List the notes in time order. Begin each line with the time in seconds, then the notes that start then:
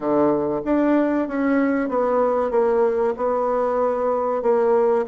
0.00 D3
0.64 D4
1.28 C#4
1.88 B3
2.50 A#3
3.16 B3
4.42 A#3